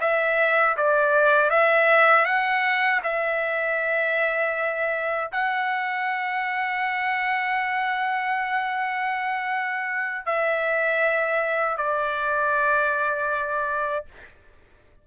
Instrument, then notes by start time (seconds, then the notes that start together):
trumpet
0.00 E5
0.76 D5
1.50 E5
2.25 F#5
3.03 E5
5.32 F#5
10.25 E5
11.77 D5